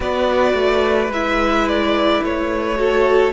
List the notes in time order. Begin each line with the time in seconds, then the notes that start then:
0.00 B3 F#4 B4 D5
0.53 A3
1.08 G#3 E4 E5
1.68 D5
2.23 A3 C#5
2.76 F#4 A4